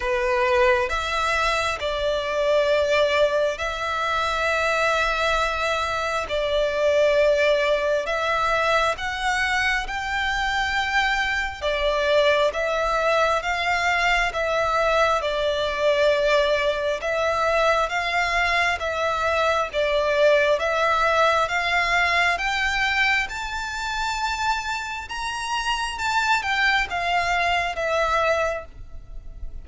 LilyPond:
\new Staff \with { instrumentName = "violin" } { \time 4/4 \tempo 4 = 67 b'4 e''4 d''2 | e''2. d''4~ | d''4 e''4 fis''4 g''4~ | g''4 d''4 e''4 f''4 |
e''4 d''2 e''4 | f''4 e''4 d''4 e''4 | f''4 g''4 a''2 | ais''4 a''8 g''8 f''4 e''4 | }